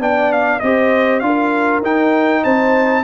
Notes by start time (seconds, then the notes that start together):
0.00 B3 D4 D5 G5
0.33 F5
0.60 C4 G4 C5 D#5
1.20 D4 F4 F5
1.26 A#4
1.82 D#4 G5
2.43 C4 C5 A5